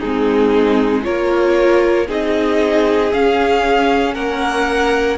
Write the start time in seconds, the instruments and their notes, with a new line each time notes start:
0.00 cello G#3, viola C4, violin D#4 G#4
1.03 cello A#3, viola F4, violin A#4 C#5
2.08 cello C4, viola D#4, violin G#4 D#5
3.14 cello C#4, viola C#4, violin F5
4.14 cello A#3, violin A#4 F#5